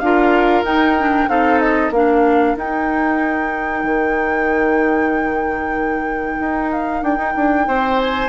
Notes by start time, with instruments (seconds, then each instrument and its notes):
0.00 bassoon D4, clarinet F4, oboe A#4, flute F5
0.64 bassoon D#4, clarinet D#4, flute G5
1.00 clarinet D4
1.28 bassoon C4, clarinet D#4, oboe A4, flute F5
1.60 flute D#5
1.91 bassoon A#3, clarinet D4, oboe A#4, flute F5
2.56 bassoon D#4, clarinet D#4, flute G5
3.84 bassoon D#3
6.40 bassoon D#4
6.72 flute F5
7.03 bassoon D4, flute G5
7.18 bassoon D#4
7.37 bassoon D4
7.68 bassoon C4, oboe C5
8.00 flute G#5